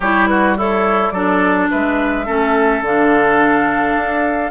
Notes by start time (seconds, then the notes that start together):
0.00 G3 E4 G4 C#5
0.26 F#4 B4
0.57 E4 A4 C#5
1.10 F#3 D4 A4 D5
1.70 G#3 B4 E5
2.26 A3 C#4 A4
2.81 D3 D4 F5
3.95 D4